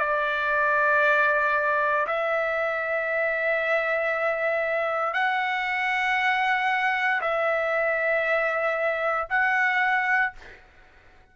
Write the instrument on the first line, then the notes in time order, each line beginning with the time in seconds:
trumpet
0.00 D5
2.07 E5
5.14 F#5
7.21 E5
9.30 F#5